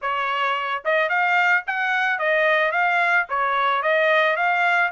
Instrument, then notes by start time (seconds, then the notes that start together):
trumpet
0.01 C#5
0.85 D#5
1.09 F5
1.67 F#5
2.18 D#5
2.71 F5
3.29 C#5
3.82 D#5
4.36 F5